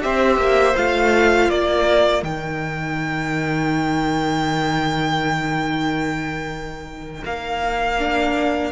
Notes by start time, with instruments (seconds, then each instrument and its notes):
0.00 cello C4, viola G4, violin C5 E5
0.37 cello A#3
0.76 cello A3, viola F4, violin F5
1.50 cello A#3, violin A#4 D5
2.23 cello D#3, viola D#4, violin G5
7.25 cello A#3, violin F5
7.99 viola D4